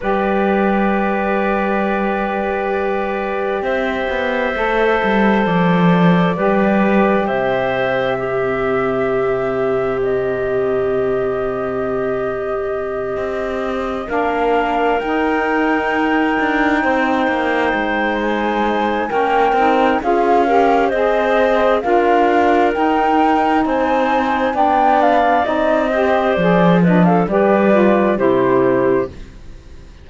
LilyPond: <<
  \new Staff \with { instrumentName = "flute" } { \time 4/4 \tempo 4 = 66 d''1 | e''2 d''2 | e''2. dis''4~ | dis''2.~ dis''8 f''8~ |
f''8 g''2.~ g''8 | gis''4 g''4 f''4 dis''4 | f''4 g''4 gis''4 g''8 f''8 | dis''4 d''8 dis''16 f''16 d''4 c''4 | }
  \new Staff \with { instrumentName = "clarinet" } { \time 4/4 b'1 | c''2. b'4 | c''4 g'2.~ | g'2.~ g'8 ais'8~ |
ais'2~ ais'8 c''4.~ | c''4 ais'4 gis'8 ais'8 c''4 | ais'2 c''4 d''4~ | d''8 c''4 b'16 a'16 b'4 g'4 | }
  \new Staff \with { instrumentName = "saxophone" } { \time 4/4 g'1~ | g'4 a'2 g'4~ | g'4 c'2.~ | c'2.~ c'8 d'8~ |
d'8 dis'2.~ dis'8~ | dis'4 cis'8 dis'8 f'8 g'8 gis'4 | f'4 dis'2 d'4 | dis'8 g'8 gis'8 d'8 g'8 f'8 e'4 | }
  \new Staff \with { instrumentName = "cello" } { \time 4/4 g1 | c'8 b8 a8 g8 f4 g4 | c1~ | c2~ c8 c'4 ais8~ |
ais8 dis'4. d'8 c'8 ais8 gis8~ | gis4 ais8 c'8 cis'4 c'4 | d'4 dis'4 c'4 b4 | c'4 f4 g4 c4 | }
>>